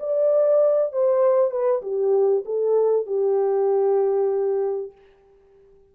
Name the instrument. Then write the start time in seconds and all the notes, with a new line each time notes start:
horn
0.00 D5
0.93 C5
1.51 B4
1.82 G4
2.45 A4
3.07 G4